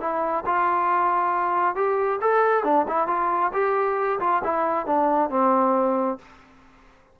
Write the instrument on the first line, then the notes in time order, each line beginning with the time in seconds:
trombone
0.00 E4
0.46 F4
1.75 G4
2.21 A4
2.64 D4
2.88 E4
3.07 F4
3.53 G4
4.20 F4
4.44 E4
4.86 D4
5.30 C4